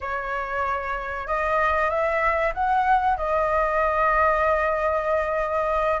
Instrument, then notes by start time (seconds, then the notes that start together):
flute
0.01 C#5
1.27 D#5
1.89 E5
2.54 F#5
3.17 D#5